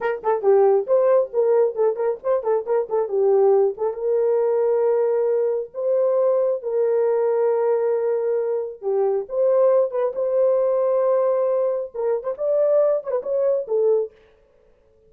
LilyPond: \new Staff \with { instrumentName = "horn" } { \time 4/4 \tempo 4 = 136 ais'8 a'8 g'4 c''4 ais'4 | a'8 ais'8 c''8 a'8 ais'8 a'8 g'4~ | g'8 a'8 ais'2.~ | ais'4 c''2 ais'4~ |
ais'1 | g'4 c''4. b'8 c''4~ | c''2. ais'8. c''16 | d''4. cis''16 b'16 cis''4 a'4 | }